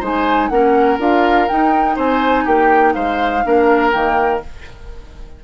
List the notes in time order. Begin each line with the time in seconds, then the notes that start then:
0.00 G#3 D#4 C5 G#5
0.49 A#3 C#4 A#4 F#5
0.99 D4 F4 F5
1.48 D#4 G5
1.96 C4 C5 G#5
2.45 A#3 G4 G5
2.94 G#3 C5 F5
3.44 A#3 D4 A#4
3.92 D#3 A#3 G5